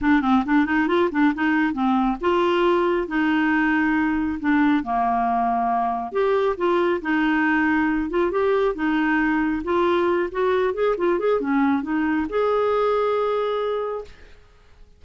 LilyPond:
\new Staff \with { instrumentName = "clarinet" } { \time 4/4 \tempo 4 = 137 d'8 c'8 d'8 dis'8 f'8 d'8 dis'4 | c'4 f'2 dis'4~ | dis'2 d'4 ais4~ | ais2 g'4 f'4 |
dis'2~ dis'8 f'8 g'4 | dis'2 f'4. fis'8~ | fis'8 gis'8 f'8 gis'8 cis'4 dis'4 | gis'1 | }